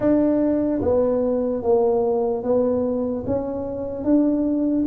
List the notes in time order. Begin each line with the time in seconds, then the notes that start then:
0.00 D4
0.81 B3
1.63 A#3
2.43 B3
3.26 C#4
4.04 D4